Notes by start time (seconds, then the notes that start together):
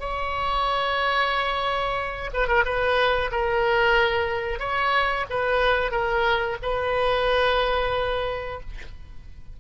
0.00 C#5
2.33 B4
2.48 A#4
2.65 B4
3.31 A#4
4.60 C#5
5.30 B4
5.91 A#4
6.62 B4